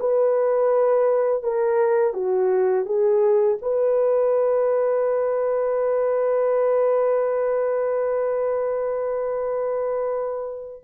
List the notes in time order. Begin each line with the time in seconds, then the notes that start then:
0.00 B4
1.43 A#4
2.14 F#4
2.85 G#4
3.62 B4